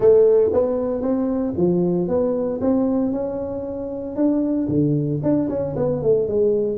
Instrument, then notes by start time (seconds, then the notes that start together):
tuba
0.00 A3
0.52 B3
1.01 C4
1.57 F3
2.08 B3
2.60 C4
3.12 C#4
4.15 D4
4.68 D3
5.22 D4
5.49 C#4
5.76 B3
6.02 A3
6.28 G#3